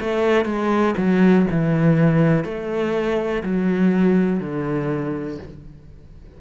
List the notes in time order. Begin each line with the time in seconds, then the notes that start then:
0.00 A3
0.45 G#3
0.97 F#3
1.51 E3
2.44 A3
3.43 F#3
4.39 D3